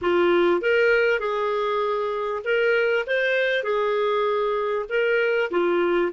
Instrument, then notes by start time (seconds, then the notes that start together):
clarinet
0.01 F4
0.61 A#4
1.19 G#4
2.44 A#4
3.06 C5
3.63 G#4
4.89 A#4
5.50 F4